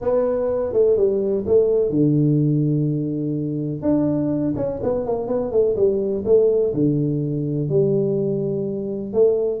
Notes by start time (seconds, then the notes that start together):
0.01 B3
0.72 A3
0.96 G3
1.46 A3
1.90 D3
3.82 D4
4.56 C#4
4.82 B3
5.06 A#3
5.27 B3
5.51 A3
5.76 G3
6.25 A3
6.73 D3
7.69 G3
9.13 A3